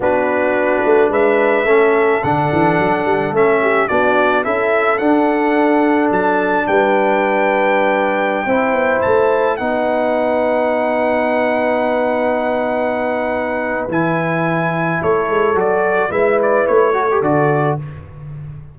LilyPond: <<
  \new Staff \with { instrumentName = "trumpet" } { \time 4/4 \tempo 4 = 108 b'2 e''2 | fis''2 e''4 d''4 | e''4 fis''2 a''4 | g''1~ |
g''16 a''4 fis''2~ fis''8.~ | fis''1~ | fis''4 gis''2 cis''4 | d''4 e''8 d''8 cis''4 d''4 | }
  \new Staff \with { instrumentName = "horn" } { \time 4/4 fis'2 b'4 a'4~ | a'2~ a'8 g'8 fis'4 | a'1 | b'2.~ b'16 c''8.~ |
c''4~ c''16 b'2~ b'8.~ | b'1~ | b'2. a'4~ | a'4 b'4. a'4. | }
  \new Staff \with { instrumentName = "trombone" } { \time 4/4 d'2. cis'4 | d'2 cis'4 d'4 | e'4 d'2.~ | d'2.~ d'16 e'8.~ |
e'4~ e'16 dis'2~ dis'8.~ | dis'1~ | dis'4 e'2. | fis'4 e'4. fis'16 g'16 fis'4 | }
  \new Staff \with { instrumentName = "tuba" } { \time 4/4 b4. a8 gis4 a4 | d8 e8 fis8 g8 a4 b4 | cis'4 d'2 fis4 | g2.~ g16 c'8 b16~ |
b16 a4 b2~ b8.~ | b1~ | b4 e2 a8 gis8 | fis4 gis4 a4 d4 | }
>>